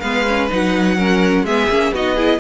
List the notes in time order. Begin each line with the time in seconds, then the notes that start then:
0.00 G#3 B3 B4 F5
0.27 C#4
0.49 F#3 D#4 F#5
0.97 C#4 A#4
1.43 G#3 B3 G#4 E5
1.70 A#3 C#4
1.92 B3 D#4 F#4 D#5
2.14 E4 G#4